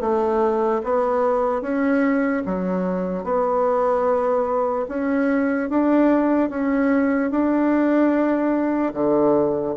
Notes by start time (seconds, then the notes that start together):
0.00 A3
0.83 B3
1.61 C#4
2.45 F#3
3.24 B3
4.88 C#4
5.69 D4
6.49 C#4
7.30 D4
8.93 D3